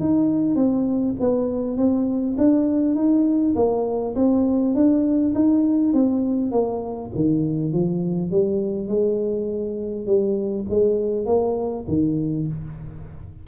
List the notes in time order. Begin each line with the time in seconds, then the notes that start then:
0.00 D#4
0.55 C4
1.20 B3
1.77 C4
2.38 D4
2.95 D#4
3.55 A#3
4.16 C4
4.74 D4
5.35 D#4
5.93 C4
6.51 A#3
7.15 D#3
7.73 F3
8.31 G3
8.88 G#3
10.06 G3
10.69 G#3
11.26 A#3
11.88 D#3